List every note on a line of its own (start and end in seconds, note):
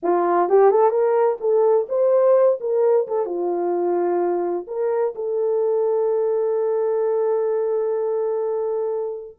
0.02 0.49 F4
0.49 0.71 G4
0.71 0.90 A4
0.90 1.37 A#4
1.40 1.87 A4
1.88 2.59 C5
2.60 3.07 A#4
3.07 3.25 A4
3.25 4.66 F4
4.67 5.14 A#4
5.15 9.37 A4